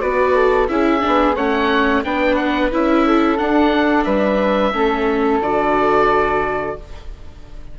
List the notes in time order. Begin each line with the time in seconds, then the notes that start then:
0.00 B3 F#4 B4 D5
0.36 A4
0.68 C#4 E4 G#4 E5
1.01 D4
1.07 B3
1.36 A3 C#4 C#5 F#5
2.04 B3 D4 B4 G5
2.36 F#5
2.71 C#4 E4 E5
3.07 A4
3.38 D4 F#5
4.04 G3 B4 E5
4.73 A3 C#4 A4
5.41 D3 F#4 D5